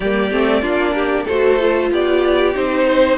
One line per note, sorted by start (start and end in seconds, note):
0.00 0.31 G3
0.00 0.31 A#3
0.00 0.61 G4
0.00 1.27 D5
0.31 0.62 A3
0.31 0.62 C4
0.61 1.25 A#3
0.61 1.26 D4
0.61 0.93 F4
0.94 1.24 G4
1.24 1.91 A3
1.24 1.59 F#4
1.24 1.88 A4
1.24 1.91 C5
1.59 2.54 F4
1.91 2.55 B3
1.91 2.86 G4
1.91 2.56 D5
2.54 3.17 C4
2.54 3.17 D#4
2.54 3.17 C5
2.86 3.17 C5